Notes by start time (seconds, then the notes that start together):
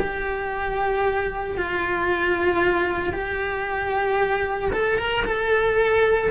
0.00 G4
1.57 F4
3.13 G4
4.73 A4
4.99 A#4
5.25 A4